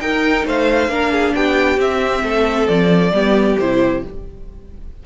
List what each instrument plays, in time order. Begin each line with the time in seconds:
0.00 cello D#4, viola D#4, violin A#4 G5
0.45 cello A3, violin C5 F5
0.88 cello A#3, viola D4, violin A#4
1.12 violin G#4
1.35 cello B3, violin G4 G5
1.77 viola C4, cello C4, violin E5
2.23 cello A3, violin A4
2.68 cello F3, violin D5
3.12 cello G3, viola B3, violin G4
3.59 cello C3, viola E4, violin C5